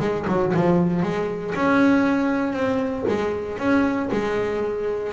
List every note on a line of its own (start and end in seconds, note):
0.00 0.26 G#3
0.28 0.53 F#3
0.54 1.03 F3
1.03 1.54 G#3
1.55 2.53 C#4
2.53 3.04 C4
3.08 3.58 G#3
3.58 4.09 C#4
4.12 5.13 G#3